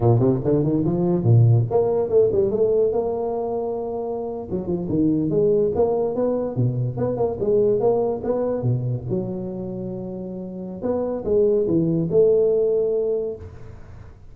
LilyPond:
\new Staff \with { instrumentName = "tuba" } { \time 4/4 \tempo 4 = 144 ais,8 c8 d8 dis8 f4 ais,4 | ais4 a8 g8 a4 ais4~ | ais2~ ais8. fis8 f8 dis16~ | dis8. gis4 ais4 b4 b,16~ |
b,8. b8 ais8 gis4 ais4 b16~ | b8. b,4 fis2~ fis16~ | fis2 b4 gis4 | e4 a2. | }